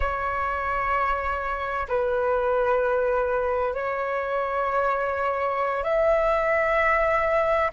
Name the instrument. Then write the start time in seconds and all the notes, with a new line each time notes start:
flute
0.00 C#5
1.88 B4
3.74 C#5
5.83 E5